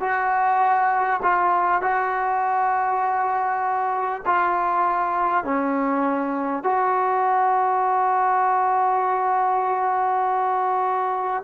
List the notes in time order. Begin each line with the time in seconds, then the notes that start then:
0.00 F#4
1.22 F4
1.82 F#4
4.26 F4
5.44 C#4
6.63 F#4